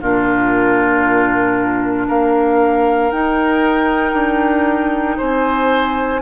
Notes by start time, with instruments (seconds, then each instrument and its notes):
0.00 bassoon A#2, clarinet D4, oboe F4, flute A#4
2.07 bassoon A#3, oboe A#4, flute F5
3.11 clarinet D#4, bassoon D#4, flute G5
4.12 bassoon D4
5.17 bassoon C4, oboe C5, flute G#5